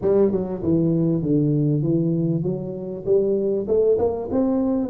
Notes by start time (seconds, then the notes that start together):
0.01 G3
0.31 F#3
0.62 E3
1.22 D3
1.82 E3
2.43 F#3
3.05 G3
3.67 A3
3.98 A#3
4.31 C4